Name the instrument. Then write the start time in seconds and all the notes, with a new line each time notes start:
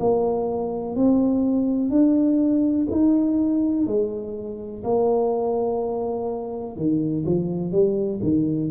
tuba
0.00 A#3
0.95 C4
1.90 D4
2.91 D#4
3.87 G#3
4.84 A#3
6.77 D#3
7.25 F3
7.72 G3
8.23 D#3